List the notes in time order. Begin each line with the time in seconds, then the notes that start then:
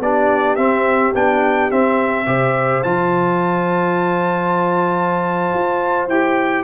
0.00 B3 D4 G4 D5
0.56 C4 E5
1.14 B3 D4 G5
1.71 C4 E5
2.26 C3 G4 C5
2.83 F3 F4 A5
5.53 F4
6.08 E4 G4 G5